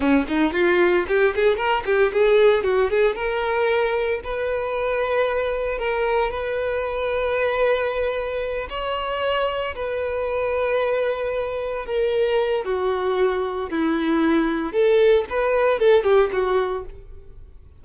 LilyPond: \new Staff \with { instrumentName = "violin" } { \time 4/4 \tempo 4 = 114 cis'8 dis'8 f'4 g'8 gis'8 ais'8 g'8 | gis'4 fis'8 gis'8 ais'2 | b'2. ais'4 | b'1~ |
b'8 cis''2 b'4.~ | b'2~ b'8 ais'4. | fis'2 e'2 | a'4 b'4 a'8 g'8 fis'4 | }